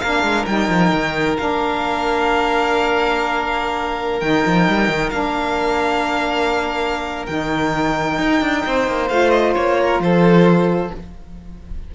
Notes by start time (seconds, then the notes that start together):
0.00 A#3 D4 A#4 F5
0.23 G#3
0.46 G3 D#4 G5
0.69 F3
0.93 D#3
1.37 A#3 D4 F5
4.20 D#3 D#4 G5
4.46 F3
4.68 G3
4.89 D#3
5.10 A#3 D4 F5
7.26 D#3 D#4 G5
8.19 D#4
8.41 D4
8.66 C4 C5
8.88 A#3
9.09 A3 F4 F5
9.30 D#5
9.55 A#3 C#5
9.80 A#4
10.00 F3 A4 C5